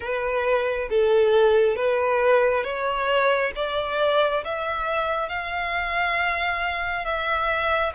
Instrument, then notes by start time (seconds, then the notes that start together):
violin
0.00 B4
0.89 A4
1.76 B4
2.64 C#5
3.55 D5
4.44 E5
5.28 F5
7.04 E5